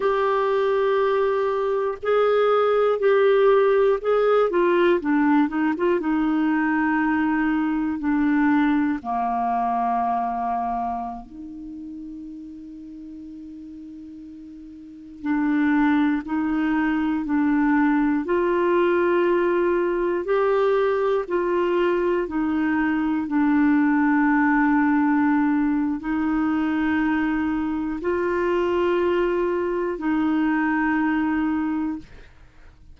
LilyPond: \new Staff \with { instrumentName = "clarinet" } { \time 4/4 \tempo 4 = 60 g'2 gis'4 g'4 | gis'8 f'8 d'8 dis'16 f'16 dis'2 | d'4 ais2~ ais16 dis'8.~ | dis'2.~ dis'16 d'8.~ |
d'16 dis'4 d'4 f'4.~ f'16~ | f'16 g'4 f'4 dis'4 d'8.~ | d'2 dis'2 | f'2 dis'2 | }